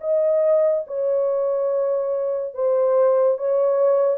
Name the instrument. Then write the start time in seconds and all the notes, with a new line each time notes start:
horn
0.00 D#5
0.86 C#5
2.54 C5
3.38 C#5